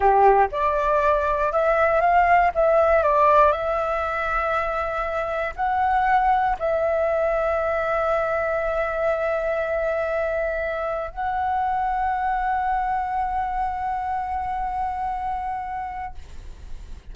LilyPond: \new Staff \with { instrumentName = "flute" } { \time 4/4 \tempo 4 = 119 g'4 d''2 e''4 | f''4 e''4 d''4 e''4~ | e''2. fis''4~ | fis''4 e''2.~ |
e''1~ | e''2 fis''2~ | fis''1~ | fis''1 | }